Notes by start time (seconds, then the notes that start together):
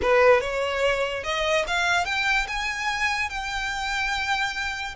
0.02 B4
0.40 C#5
1.23 D#5
1.67 F5
2.05 G5
2.47 G#5
3.29 G5